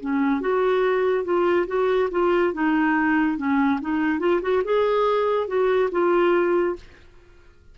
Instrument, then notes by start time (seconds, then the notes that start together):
clarinet
0.00 C#4
0.40 F#4
1.24 F4
1.67 F#4
2.11 F4
2.53 D#4
3.37 C#4
3.81 D#4
4.19 F4
4.41 F#4
4.64 G#4
5.47 F#4
5.91 F4